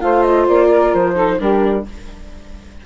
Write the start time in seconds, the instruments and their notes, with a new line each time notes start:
0.00 bassoon A3, viola F4, saxophone C5, flute F5
0.22 flute D#5
0.48 bassoon A#3, flute D5
0.68 saxophone A#4
0.94 bassoon F3, flute C5
1.15 viola D#4, saxophone A4
1.39 bassoon G3, viola D4, saxophone G4, flute A#4